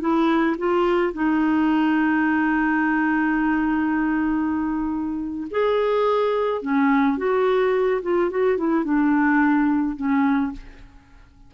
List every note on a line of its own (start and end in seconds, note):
0.00 0.56 E4
0.58 1.13 F4
1.13 5.47 D#4
5.50 6.61 G#4
6.61 7.17 C#4
7.17 8.01 F#4
8.02 8.30 F4
8.30 8.57 F#4
8.57 8.84 E4
8.84 9.96 D4
9.96 10.52 C#4